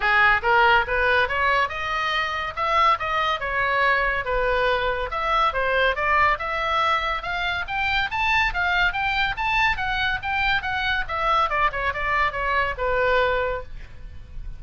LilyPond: \new Staff \with { instrumentName = "oboe" } { \time 4/4 \tempo 4 = 141 gis'4 ais'4 b'4 cis''4 | dis''2 e''4 dis''4 | cis''2 b'2 | e''4 c''4 d''4 e''4~ |
e''4 f''4 g''4 a''4 | f''4 g''4 a''4 fis''4 | g''4 fis''4 e''4 d''8 cis''8 | d''4 cis''4 b'2 | }